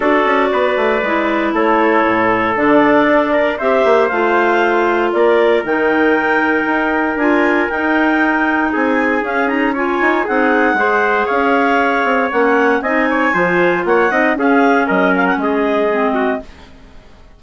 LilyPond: <<
  \new Staff \with { instrumentName = "clarinet" } { \time 4/4 \tempo 4 = 117 d''2. cis''4~ | cis''4 d''2 e''4 | f''2 d''4 g''4~ | g''2 gis''4 g''4~ |
g''4 gis''4 f''8 ais''8 gis''4 | fis''2 f''2 | fis''4 gis''2 fis''4 | f''4 dis''8 f''16 fis''16 dis''2 | }
  \new Staff \with { instrumentName = "trumpet" } { \time 4/4 a'4 b'2 a'4~ | a'2~ a'8 ais'8 c''4~ | c''2 ais'2~ | ais'1~ |
ais'4 gis'2 cis''4 | gis'4 c''4 cis''2~ | cis''4 dis''8 cis''8 c''4 cis''8 dis''8 | gis'4 ais'4 gis'4. fis'8 | }
  \new Staff \with { instrumentName = "clarinet" } { \time 4/4 fis'2 e'2~ | e'4 d'2 g'4 | f'2. dis'4~ | dis'2 f'4 dis'4~ |
dis'2 cis'8 dis'8 f'4 | dis'4 gis'2. | cis'4 dis'4 f'4. dis'8 | cis'2. c'4 | }
  \new Staff \with { instrumentName = "bassoon" } { \time 4/4 d'8 cis'8 b8 a8 gis4 a4 | a,4 d4 d'4 c'8 ais8 | a2 ais4 dis4~ | dis4 dis'4 d'4 dis'4~ |
dis'4 c'4 cis'4. dis'8 | c'4 gis4 cis'4. c'8 | ais4 c'4 f4 ais8 c'8 | cis'4 fis4 gis2 | }
>>